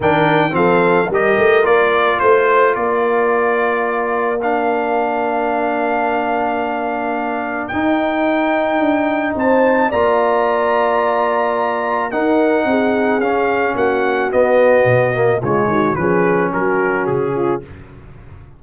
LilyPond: <<
  \new Staff \with { instrumentName = "trumpet" } { \time 4/4 \tempo 4 = 109 g''4 f''4 dis''4 d''4 | c''4 d''2. | f''1~ | f''2 g''2~ |
g''4 a''4 ais''2~ | ais''2 fis''2 | f''4 fis''4 dis''2 | cis''4 b'4 ais'4 gis'4 | }
  \new Staff \with { instrumentName = "horn" } { \time 4/4 ais'4 a'4 ais'2 | c''4 ais'2.~ | ais'1~ | ais'1~ |
ais'4 c''4 d''2~ | d''2 ais'4 gis'4~ | gis'4 fis'2. | f'8 fis'8 gis'4 fis'4. f'8 | }
  \new Staff \with { instrumentName = "trombone" } { \time 4/4 d'4 c'4 g'4 f'4~ | f'1 | d'1~ | d'2 dis'2~ |
dis'2 f'2~ | f'2 dis'2 | cis'2 b4. ais8 | gis4 cis'2. | }
  \new Staff \with { instrumentName = "tuba" } { \time 4/4 dis4 f4 g8 a8 ais4 | a4 ais2.~ | ais1~ | ais2 dis'2 |
d'4 c'4 ais2~ | ais2 dis'4 c'4 | cis'4 ais4 b4 b,4 | cis8 dis8 f4 fis4 cis4 | }
>>